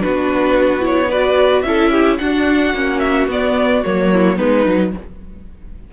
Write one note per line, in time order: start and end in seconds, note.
0.00 1.64 B3
0.00 0.80 D4
0.00 1.08 F#4
0.00 0.84 B4
0.80 1.08 E4
0.80 1.11 C#5
1.08 1.66 F#4
1.08 1.63 B4
1.08 1.62 D5
1.62 2.19 C#4
1.62 2.20 E4
1.62 1.91 A4
1.62 2.17 E5
1.91 2.19 G4
2.18 2.74 D4
2.18 4.12 F#4
2.18 2.99 F#5
2.74 3.27 A#3
2.74 3.29 C#4
2.99 3.26 E5
3.27 3.82 B3
3.27 3.84 B3
3.27 3.84 D5
3.84 4.39 F#3
3.84 4.37 A#3
3.84 4.38 C#5
4.12 4.36 E4
4.36 4.66 G#3
4.36 4.64 B3
4.36 4.91 D#4
4.36 4.92 B4
4.65 4.93 F#3
4.65 4.93 D#4